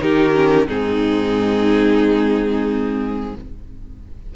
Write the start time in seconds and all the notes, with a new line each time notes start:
0.00 D#3 D#4 G4 A#4
0.34 C#4
0.67 G#2 C4 D#4 G#4